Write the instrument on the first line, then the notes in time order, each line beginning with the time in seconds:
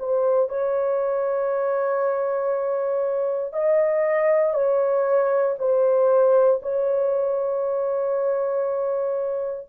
horn
0.00 C5
0.49 C#5
3.54 D#5
4.54 C#5
5.59 C5
6.62 C#5